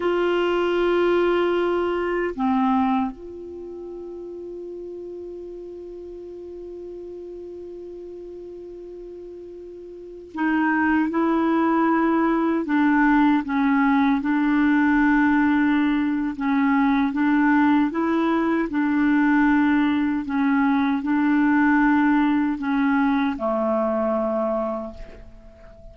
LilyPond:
\new Staff \with { instrumentName = "clarinet" } { \time 4/4 \tempo 4 = 77 f'2. c'4 | f'1~ | f'1~ | f'4~ f'16 dis'4 e'4.~ e'16~ |
e'16 d'4 cis'4 d'4.~ d'16~ | d'4 cis'4 d'4 e'4 | d'2 cis'4 d'4~ | d'4 cis'4 a2 | }